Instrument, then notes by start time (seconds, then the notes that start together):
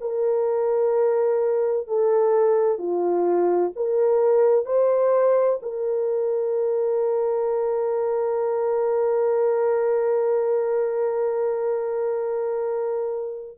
horn
0.00 A#4
1.87 A4
2.78 F4
3.75 A#4
4.65 C5
5.62 A#4